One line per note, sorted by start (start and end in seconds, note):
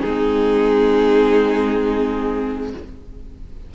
0.00 2.73 G#3
0.00 2.74 C4
0.00 2.70 D#4
0.00 2.69 G#4